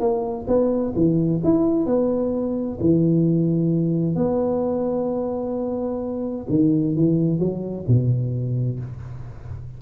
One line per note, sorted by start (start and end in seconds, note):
0.00 0.46 A#3
0.47 0.94 B3
0.95 1.42 E3
1.44 1.86 E4
1.86 2.78 B3
2.80 4.15 E3
4.15 6.46 B3
6.49 6.95 D#3
6.96 7.39 E3
7.39 7.85 F#3
7.87 8.80 B2